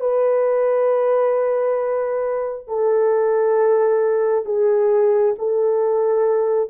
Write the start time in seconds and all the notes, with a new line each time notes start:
0.00 B4
2.67 A4
4.45 G#4
5.38 A4